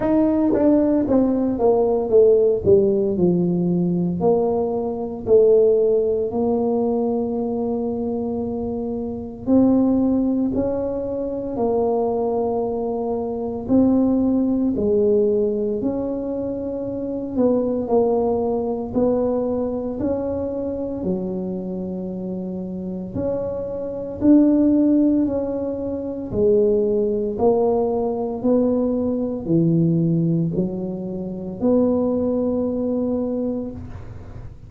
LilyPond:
\new Staff \with { instrumentName = "tuba" } { \time 4/4 \tempo 4 = 57 dis'8 d'8 c'8 ais8 a8 g8 f4 | ais4 a4 ais2~ | ais4 c'4 cis'4 ais4~ | ais4 c'4 gis4 cis'4~ |
cis'8 b8 ais4 b4 cis'4 | fis2 cis'4 d'4 | cis'4 gis4 ais4 b4 | e4 fis4 b2 | }